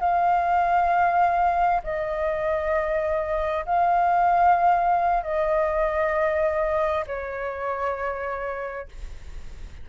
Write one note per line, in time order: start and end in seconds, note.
0.00 1.82 F5
1.83 3.65 D#5
3.65 5.23 F5
5.23 7.05 D#5
7.06 8.88 C#5